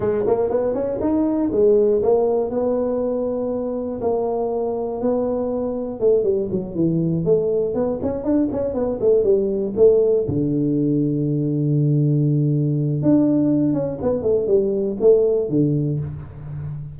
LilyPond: \new Staff \with { instrumentName = "tuba" } { \time 4/4 \tempo 4 = 120 gis8 ais8 b8 cis'8 dis'4 gis4 | ais4 b2. | ais2 b2 | a8 g8 fis8 e4 a4 b8 |
cis'8 d'8 cis'8 b8 a8 g4 a8~ | a8 d2.~ d8~ | d2 d'4. cis'8 | b8 a8 g4 a4 d4 | }